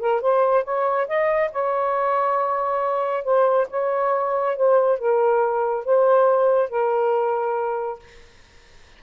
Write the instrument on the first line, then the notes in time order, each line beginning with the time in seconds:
saxophone
0.00 A#4
0.21 C5
0.64 C#5
1.08 D#5
1.52 C#5
3.24 C5
3.70 C#5
4.57 C5
4.99 A#4
5.85 C5
6.70 A#4